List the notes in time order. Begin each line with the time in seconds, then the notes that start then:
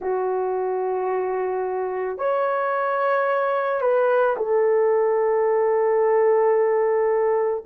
0.01 F#4
2.18 C#5
3.81 B4
4.36 A4